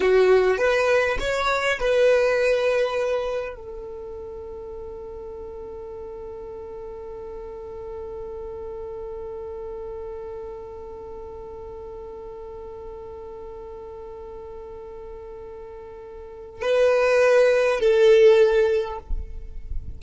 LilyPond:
\new Staff \with { instrumentName = "violin" } { \time 4/4 \tempo 4 = 101 fis'4 b'4 cis''4 b'4~ | b'2 a'2~ | a'1~ | a'1~ |
a'1~ | a'1~ | a'1 | b'2 a'2 | }